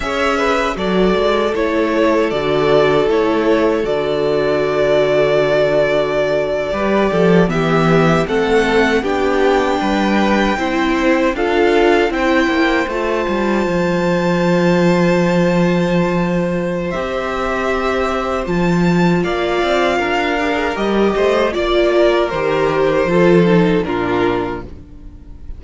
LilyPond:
<<
  \new Staff \with { instrumentName = "violin" } { \time 4/4 \tempo 4 = 78 e''4 d''4 cis''4 d''4 | cis''4 d''2.~ | d''4.~ d''16 e''4 fis''4 g''16~ | g''2~ g''8. f''4 g''16~ |
g''8. a''2.~ a''16~ | a''2 e''2 | a''4 f''2 dis''4 | d''4 c''2 ais'4 | }
  \new Staff \with { instrumentName = "violin" } { \time 4/4 cis''8 b'8 a'2.~ | a'1~ | a'8. b'8 a'8 g'4 a'4 g'16~ | g'8. b'4 c''4 a'4 c''16~ |
c''1~ | c''1~ | c''4 d''4 ais'4. c''8 | d''8 ais'4. a'4 f'4 | }
  \new Staff \with { instrumentName = "viola" } { \time 4/4 gis'4 fis'4 e'4 fis'4 | e'4 fis'2.~ | fis'8. g'4 b4 c'4 d'16~ | d'4.~ d'16 e'4 f'4 e'16~ |
e'8. f'2.~ f'16~ | f'2 g'2 | f'2~ f'8 g'16 gis'16 g'4 | f'4 g'4 f'8 dis'8 d'4 | }
  \new Staff \with { instrumentName = "cello" } { \time 4/4 cis'4 fis8 gis8 a4 d4 | a4 d2.~ | d8. g8 f8 e4 a4 b16~ | b8. g4 c'4 d'4 c'16~ |
c'16 ais8 a8 g8 f2~ f16~ | f2 c'2 | f4 ais8 c'8 d'4 g8 a8 | ais4 dis4 f4 ais,4 | }
>>